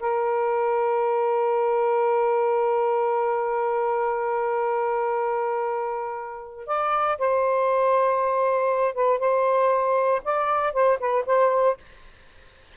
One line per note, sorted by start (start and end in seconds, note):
0.00 6.67 A#4
6.67 7.18 D5
7.18 8.94 C5
8.94 9.19 B4
9.19 10.22 C5
10.24 10.73 D5
10.73 10.99 C5
11.00 11.25 B4
11.26 11.77 C5